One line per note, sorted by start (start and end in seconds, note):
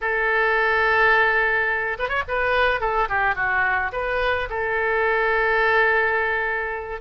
0.01 1.97 A4
1.98 2.08 B4
2.08 2.23 C#5
2.27 2.80 B4
2.80 3.08 A4
3.08 3.35 G4
3.35 3.91 F#4
3.92 4.48 B4
4.49 7.00 A4